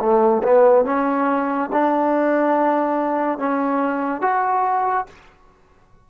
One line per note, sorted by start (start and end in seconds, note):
0.00 0.42 A3
0.43 0.85 B3
0.85 1.70 C#4
1.72 3.39 D4
3.39 4.22 C#4
4.22 5.06 F#4